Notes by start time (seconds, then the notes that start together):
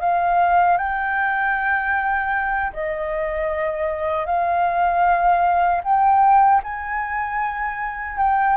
0.00 F5
0.77 G5
2.73 D#5
4.25 F5
5.84 G5
6.63 G#5
8.17 G5